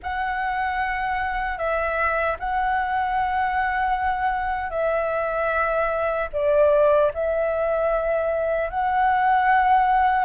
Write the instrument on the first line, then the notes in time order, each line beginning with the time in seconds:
flute
0.02 F#5
1.58 E5
2.39 F#5
4.70 E5
6.32 D5
7.13 E5
8.69 F#5